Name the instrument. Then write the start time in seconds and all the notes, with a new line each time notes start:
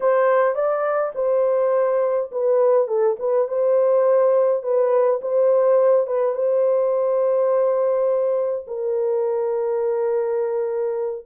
horn
0.00 C5
0.55 D5
1.15 C5
2.31 B4
2.87 A4
3.19 B4
3.48 C5
4.62 B4
5.21 C5
6.06 B4
6.34 C5
8.67 A#4